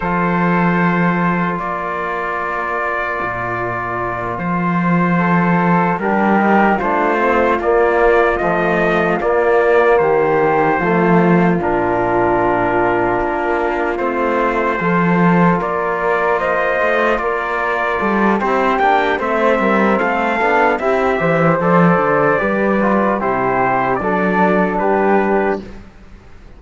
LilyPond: <<
  \new Staff \with { instrumentName = "trumpet" } { \time 4/4 \tempo 4 = 75 c''2 d''2~ | d''4. c''2 ais'8~ | ais'8 c''4 d''4 dis''4 d''8~ | d''8 c''2 ais'4.~ |
ais'4. c''2 d''8~ | d''8 dis''4 d''4. c''8 g''8 | e''4 f''4 e''4 d''4~ | d''4 c''4 d''4 b'4 | }
  \new Staff \with { instrumentName = "flute" } { \time 4/4 a'2 ais'2~ | ais'2~ ais'8 a'4 g'8~ | g'8 f'2.~ f'8~ | f'8 g'4 f'2~ f'8~ |
f'2~ f'8 a'4 ais'8~ | ais'8 c''4 ais'4 a'8 g'4 | c''8 ais'8 a'4 g'8 c''4. | b'4 g'4 a'4 g'4 | }
  \new Staff \with { instrumentName = "trombone" } { \time 4/4 f'1~ | f'2.~ f'8 d'8 | dis'8 d'8 c'8 ais4 f4 ais8~ | ais4. a4 d'4.~ |
d'4. c'4 f'4.~ | f'2. e'8 d'8 | c'4. d'8 e'8 g'8 a'4 | g'8 f'8 e'4 d'2 | }
  \new Staff \with { instrumentName = "cello" } { \time 4/4 f2 ais2 | ais,4. f2 g8~ | g8 a4 ais4 a4 ais8~ | ais8 dis4 f4 ais,4.~ |
ais,8 ais4 a4 f4 ais8~ | ais4 a8 ais4 g8 c'8 ais8 | a8 g8 a8 b8 c'8 e8 f8 d8 | g4 c4 fis4 g4 | }
>>